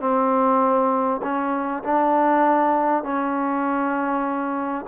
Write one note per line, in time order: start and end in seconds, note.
0.00 1.21 C4
1.23 1.83 C#4
1.84 3.04 D4
3.04 4.85 C#4